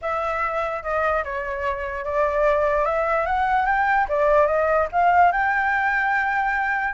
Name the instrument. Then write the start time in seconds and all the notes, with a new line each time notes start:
flute
0.01 E5
0.82 D#5
1.24 C#5
2.05 D5
2.85 E5
3.26 F#5
3.65 G5
4.08 D5
4.46 D#5
4.92 F5
5.32 G5